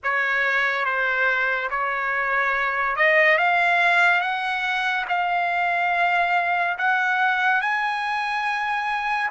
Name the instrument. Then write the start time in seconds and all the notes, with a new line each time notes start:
trumpet
0.03 C#5
0.85 C5
1.70 C#5
2.96 D#5
3.38 F5
4.20 F#5
5.08 F5
6.78 F#5
7.61 G#5